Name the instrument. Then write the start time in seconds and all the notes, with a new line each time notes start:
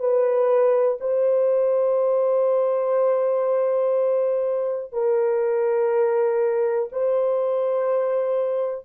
horn
0.00 B4
1.01 C5
4.93 A#4
6.93 C5